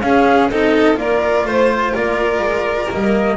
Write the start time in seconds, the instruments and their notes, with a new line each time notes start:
0.00 double bass C#4, cello C#4, violin G#4, flute F5
0.49 double bass C4, cello D#4, violin A4, flute D#5
0.94 double bass A#3, cello F4, violin A#4, flute D5
1.44 double bass A3, violin C5, flute C5
1.91 double bass A#3, violin A#4, flute D5
2.39 double bass G#3
2.90 double bass G3, cello A#3, flute D#5